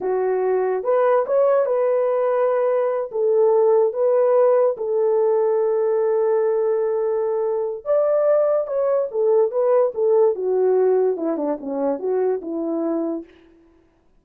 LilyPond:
\new Staff \with { instrumentName = "horn" } { \time 4/4 \tempo 4 = 145 fis'2 b'4 cis''4 | b'2.~ b'8 a'8~ | a'4. b'2 a'8~ | a'1~ |
a'2. d''4~ | d''4 cis''4 a'4 b'4 | a'4 fis'2 e'8 d'8 | cis'4 fis'4 e'2 | }